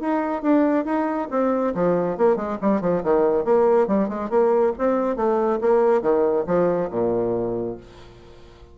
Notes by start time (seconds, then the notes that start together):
0.00 D#4
0.42 D4
0.85 D#4
1.30 C4
1.74 F3
2.17 A#3
2.36 G#3
2.61 G3
2.81 F3
3.03 D#3
3.44 A#3
3.87 G3
4.08 G#3
4.30 A#3
4.78 C4
5.16 A3
5.61 A#3
6.02 D#3
6.46 F3
6.90 A#2